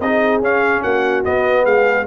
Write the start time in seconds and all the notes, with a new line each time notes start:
0.00 C4 D#4 G#4 D#5
0.40 C#4 F5
0.82 A#3 F#4 F#5
1.24 B3 D#5
1.63 G#3 G#4 F5